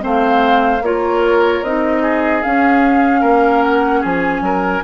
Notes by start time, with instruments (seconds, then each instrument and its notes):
0.00 bassoon A3, clarinet C4, oboe C5, flute F5
0.82 bassoon A#3, clarinet F4, oboe A#4, flute C#5
1.62 bassoon C4, clarinet D#4, flute D#5
2.03 oboe G#4
2.43 clarinet C#4, bassoon C#4, flute F5
3.21 bassoon A#3, oboe A#4
3.63 flute F#5
4.00 bassoon F3, oboe G#4, flute G#5
4.42 bassoon F#3, oboe A#4